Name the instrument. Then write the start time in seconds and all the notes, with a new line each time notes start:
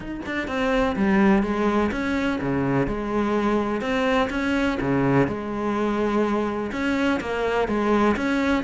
cello
0.00 D#4
0.25 D4
0.47 C4
0.96 G3
1.42 G#3
1.91 C#4
2.41 C#3
2.87 G#3
3.81 C4
4.30 C#4
4.80 C#3
5.27 G#3
6.72 C#4
7.20 A#3
7.68 G#3
8.16 C#4